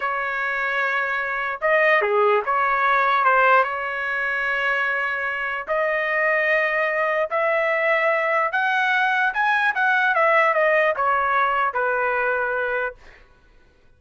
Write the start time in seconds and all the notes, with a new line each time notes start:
0.00 C#5
1.61 D#5
2.01 G#4
2.45 C#5
3.24 C5
3.63 C#5
5.67 D#5
7.30 E5
8.52 F#5
9.33 G#5
9.74 F#5
10.14 E5
10.54 D#5
10.96 C#5
11.73 B4